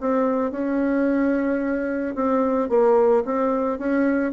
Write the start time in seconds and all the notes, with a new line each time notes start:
0.00 C4
0.51 C#4
2.15 C4
2.69 A#3
3.25 C4
3.79 C#4